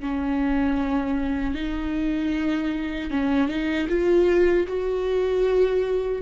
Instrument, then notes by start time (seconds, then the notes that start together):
viola
0.00 C#4
1.54 D#4
3.10 C#4
3.48 D#4
3.89 F4
4.67 F#4